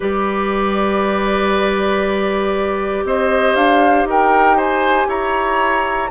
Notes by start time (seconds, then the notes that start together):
0.00 G3 G4 B4 D5
3.04 C4 C5 D#5
3.55 D4 F5
4.04 D#4 A#4 G5
4.56 C5 G#5
5.07 E4 C#5 A#5